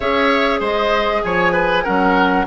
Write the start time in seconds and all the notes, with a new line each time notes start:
0.00 C#4 G#4 C#5 E5
0.59 G#3 C5 D#5
1.22 F3 C#5 G#5
1.52 B4
1.83 F#3 C#4 A#4 F#5